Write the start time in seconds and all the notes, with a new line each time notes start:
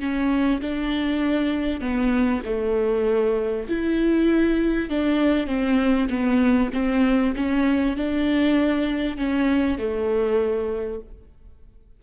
0.00 C#4
0.62 D4
1.81 B3
2.46 A3
3.69 E4
4.90 D4
5.47 C4
6.10 B3
6.73 C4
7.37 C#4
7.97 D4
9.18 C#4
9.79 A3